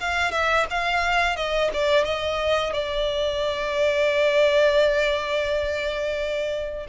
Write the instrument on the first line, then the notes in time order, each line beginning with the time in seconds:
violin
0.00 F5
0.31 E5
0.70 F5
1.36 D#5
1.73 D5
2.04 D#5
2.73 D5